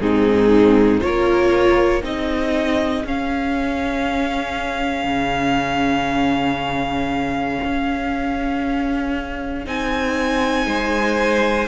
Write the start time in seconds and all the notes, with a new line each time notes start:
0.00 G#2 C4 D#4 G#4
1.00 A#3 F4 A#4 C#5
2.02 C4 D#4 G#4 D#5
3.04 C#4 F5
5.04 C#3
7.64 C#4
9.64 C4 D#4 G#5
10.66 G#3 C5